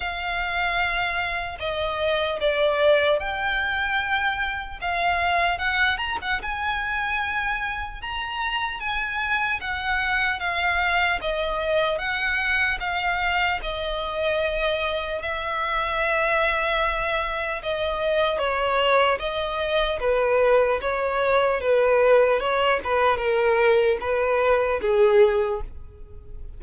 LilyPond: \new Staff \with { instrumentName = "violin" } { \time 4/4 \tempo 4 = 75 f''2 dis''4 d''4 | g''2 f''4 fis''8 ais''16 fis''16 | gis''2 ais''4 gis''4 | fis''4 f''4 dis''4 fis''4 |
f''4 dis''2 e''4~ | e''2 dis''4 cis''4 | dis''4 b'4 cis''4 b'4 | cis''8 b'8 ais'4 b'4 gis'4 | }